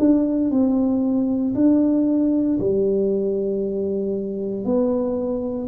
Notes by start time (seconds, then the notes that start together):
0.00 D4
0.51 C4
1.55 D4
2.60 G3
4.66 B3